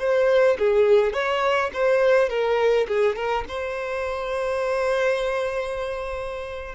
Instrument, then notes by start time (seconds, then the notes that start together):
violin
0.00 C5
0.59 G#4
1.14 C#5
1.74 C5
2.30 A#4
2.88 G#4
3.16 A#4
3.49 C5